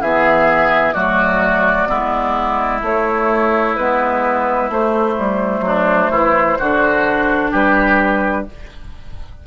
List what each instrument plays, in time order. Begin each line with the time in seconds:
0.00 bassoon E3, clarinet B3, oboe G#4, flute E5
0.92 bassoon F#3, clarinet A3, oboe F#4, flute D5
1.87 bassoon G#3, clarinet B3, oboe E4
2.82 bassoon A3, clarinet A3, flute C#5
3.75 bassoon G#3, clarinet B3, flute B4
4.69 bassoon A3, clarinet A3, flute C5
5.18 bassoon G3
5.60 bassoon F#3, oboe D4
6.10 bassoon E3, oboe E4
6.59 bassoon D3, clarinet D4, oboe F#4
7.51 bassoon G3, oboe G4, flute B4